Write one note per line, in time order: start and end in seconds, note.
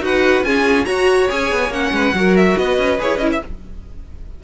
0.00 0.42 D#4
0.00 0.43 F#4
0.00 0.46 B4
0.00 0.44 F#5
0.43 0.85 C#4
0.43 0.85 F4
0.43 0.86 G#4
0.43 0.85 G#5
0.85 1.28 F#4
0.85 1.30 F#4
0.85 1.91 C#5
0.85 1.27 A#5
1.29 1.52 C#4
1.29 1.71 G#4
1.29 1.73 G#5
1.52 1.69 B3
1.69 1.90 A#3
1.69 2.14 C#4
1.69 2.36 F#5
1.91 2.12 G#3
1.91 2.15 B4
2.13 2.55 F#3
2.13 2.98 F#4
2.13 2.59 A#4
2.36 2.57 E5
2.57 2.78 B3
2.57 3.43 B4
2.57 2.99 D#5
2.78 2.99 C#4
2.98 3.16 E4
2.98 3.20 G#4
2.98 3.17 C#5
3.16 3.38 C#4
3.16 3.42 E4
3.16 3.28 D#5
3.32 3.42 E5